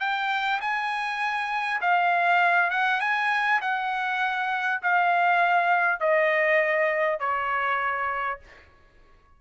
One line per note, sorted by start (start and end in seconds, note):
0.00 0.60 G5
0.61 1.81 G#5
1.81 2.71 F5
2.71 3.01 F#5
3.01 3.61 G#5
3.61 4.81 F#5
4.83 6.00 F5
6.00 7.19 D#5
7.19 8.39 C#5